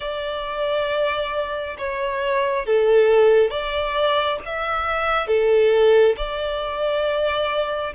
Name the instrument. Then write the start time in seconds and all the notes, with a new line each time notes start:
violin
0.00 D5
1.78 C#5
2.66 A4
3.50 D5
4.45 E5
5.27 A4
6.16 D5